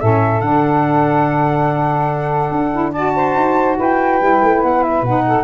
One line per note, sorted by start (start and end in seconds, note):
0.00 0.41 A2
0.00 0.42 C#4
0.00 2.91 A4
0.00 0.40 E5
0.40 2.51 D3
0.40 2.72 D4
0.40 2.92 F#5
2.51 3.35 D4
2.72 2.93 E4
2.91 4.20 F#4
2.91 3.12 D5
2.91 3.76 A5
3.15 3.77 C5
3.35 3.77 D#4
3.77 4.20 E4
3.77 5.24 B4
3.77 4.62 G5
4.20 4.41 G3
4.20 5.04 E4
4.42 4.63 A3
4.62 5.01 B3
4.62 4.83 F#5
4.83 5.04 E5
5.01 5.43 B2
5.01 5.43 D#4
5.01 5.43 F#5
5.27 5.43 A4